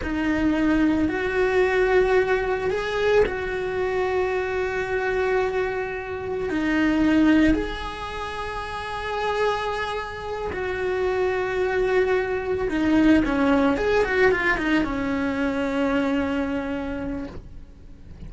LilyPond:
\new Staff \with { instrumentName = "cello" } { \time 4/4 \tempo 4 = 111 dis'2 fis'2~ | fis'4 gis'4 fis'2~ | fis'1 | dis'2 gis'2~ |
gis'2.~ gis'8 fis'8~ | fis'2.~ fis'8 dis'8~ | dis'8 cis'4 gis'8 fis'8 f'8 dis'8 cis'8~ | cis'1 | }